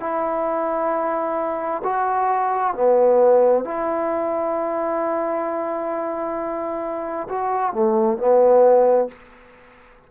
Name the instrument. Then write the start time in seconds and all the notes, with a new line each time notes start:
trombone
0.00 E4
1.84 F#4
2.74 B3
3.64 E4
7.29 F#4
7.73 A3
8.17 B3